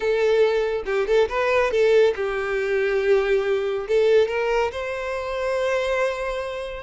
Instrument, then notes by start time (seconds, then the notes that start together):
violin
0.00 A4
0.85 G4
1.07 A4
1.28 B4
1.71 A4
2.15 G4
3.88 A4
4.28 A#4
4.71 C5